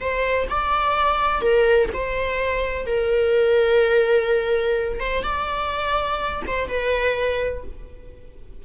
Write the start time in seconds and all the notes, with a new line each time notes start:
0.00 C5
0.50 D5
1.41 A#4
1.93 C5
2.86 A#4
5.00 C5
5.23 D5
6.47 C5
6.68 B4